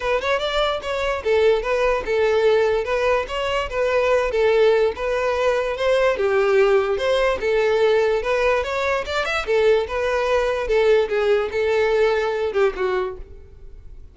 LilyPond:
\new Staff \with { instrumentName = "violin" } { \time 4/4 \tempo 4 = 146 b'8 cis''8 d''4 cis''4 a'4 | b'4 a'2 b'4 | cis''4 b'4. a'4. | b'2 c''4 g'4~ |
g'4 c''4 a'2 | b'4 cis''4 d''8 e''8 a'4 | b'2 a'4 gis'4 | a'2~ a'8 g'8 fis'4 | }